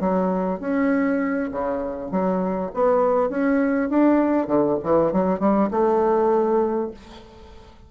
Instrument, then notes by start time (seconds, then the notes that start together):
bassoon
0.00 F#3
0.60 C#4
1.52 C#3
2.11 F#3
2.74 B3
3.30 C#4
3.89 D4
4.47 D3
4.83 E3
5.12 F#3
5.39 G3
5.71 A3